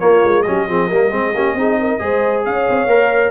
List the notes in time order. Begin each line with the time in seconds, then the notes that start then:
0.00 A#3 F4 C#5
0.24 G#3
0.43 F#3 C#4 G4 D#5
0.69 F3 C4 G#4
0.89 G3 A#3 A#4
1.10 G#3 C4 G#4
1.35 A#3 C#4 G4
1.55 C4 D#4 G#4
1.80 A#4
2.00 G#3 G#4 C5
2.46 C#4 C#5 F5
2.70 C4
2.86 A#3 A#4